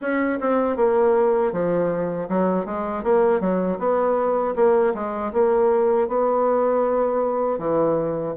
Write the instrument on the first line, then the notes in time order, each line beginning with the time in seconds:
bassoon
0.01 C#4
0.40 C4
0.76 A#3
1.52 F3
2.28 F#3
2.65 G#3
3.03 A#3
3.40 F#3
3.78 B3
4.55 A#3
4.94 G#3
5.32 A#3
6.08 B3
7.58 E3